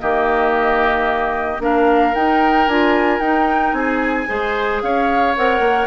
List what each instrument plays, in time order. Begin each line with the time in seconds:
0.00 bassoon D#3, clarinet A#3, oboe G4, flute D#5
1.60 bassoon A#3, clarinet D4, oboe A#4, flute F5
2.15 bassoon D#4, clarinet D#4, flute G5
2.68 bassoon D4, clarinet F4, flute G#5
3.20 bassoon D#4, clarinet D#4, flute G5
3.73 bassoon C4, oboe G#4, flute G#5
4.27 bassoon G#3, clarinet G#4, oboe C5
4.82 bassoon C#4, oboe C#5, flute F5
5.36 bassoon C4, clarinet A#4, flute F#5
5.60 bassoon A#3